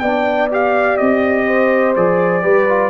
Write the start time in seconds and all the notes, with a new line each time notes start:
0.00 B3 D4 D5 G5
0.51 G4 F5
0.98 C4 D#5
1.47 C5
1.96 F3 G#4 D5
2.42 G3 G4 B4
2.69 F4